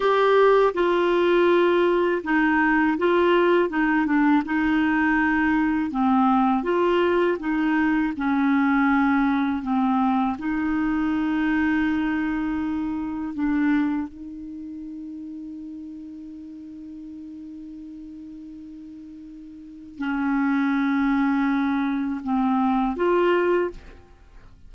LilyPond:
\new Staff \with { instrumentName = "clarinet" } { \time 4/4 \tempo 4 = 81 g'4 f'2 dis'4 | f'4 dis'8 d'8 dis'2 | c'4 f'4 dis'4 cis'4~ | cis'4 c'4 dis'2~ |
dis'2 d'4 dis'4~ | dis'1~ | dis'2. cis'4~ | cis'2 c'4 f'4 | }